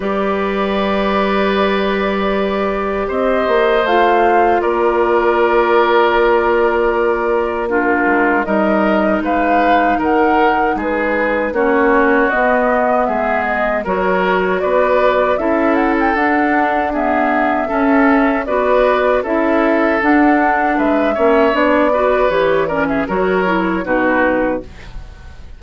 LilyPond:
<<
  \new Staff \with { instrumentName = "flute" } { \time 4/4 \tempo 4 = 78 d''1 | dis''4 f''4 d''2~ | d''2 ais'4 dis''4 | f''4 fis''4 b'4 cis''4 |
dis''4 e''8 dis''8 cis''4 d''4 | e''8 fis''16 g''16 fis''4 e''2 | d''4 e''4 fis''4 e''4 | d''4 cis''8 d''16 e''16 cis''4 b'4 | }
  \new Staff \with { instrumentName = "oboe" } { \time 4/4 b'1 | c''2 ais'2~ | ais'2 f'4 ais'4 | b'4 ais'4 gis'4 fis'4~ |
fis'4 gis'4 ais'4 b'4 | a'2 gis'4 a'4 | b'4 a'2 b'8 cis''8~ | cis''8 b'4 ais'16 gis'16 ais'4 fis'4 | }
  \new Staff \with { instrumentName = "clarinet" } { \time 4/4 g'1~ | g'4 f'2.~ | f'2 d'4 dis'4~ | dis'2. cis'4 |
b2 fis'2 | e'4 d'4 b4 cis'4 | fis'4 e'4 d'4. cis'8 | d'8 fis'8 g'8 cis'8 fis'8 e'8 dis'4 | }
  \new Staff \with { instrumentName = "bassoon" } { \time 4/4 g1 | c'8 ais8 a4 ais2~ | ais2~ ais8 gis8 g4 | gis4 dis4 gis4 ais4 |
b4 gis4 fis4 b4 | cis'4 d'2 cis'4 | b4 cis'4 d'4 gis8 ais8 | b4 e4 fis4 b,4 | }
>>